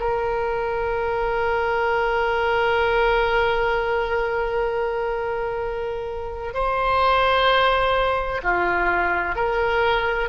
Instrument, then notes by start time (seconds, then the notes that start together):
oboe
0.00 A#4
6.55 C5
8.43 F4
9.36 A#4